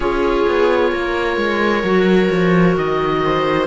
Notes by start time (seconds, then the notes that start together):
0.00 C#4 F4 G#4 C#5
0.47 B3
0.92 A#3 A#4
1.37 G#3
1.83 F#3 F#4
2.30 F3
2.76 D#3 D#5
3.24 C5